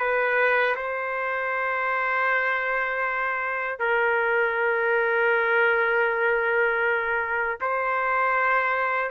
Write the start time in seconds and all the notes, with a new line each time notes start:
0.00 B4
0.76 C5
3.79 A#4
7.61 C5